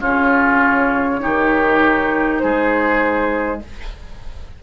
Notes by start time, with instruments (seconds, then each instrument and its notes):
0.00 bassoon C#3, clarinet C#4, oboe F4, flute C#5
1.20 bassoon D#3, clarinet D#4, oboe G4
2.39 bassoon G#3, oboe G#4, flute C5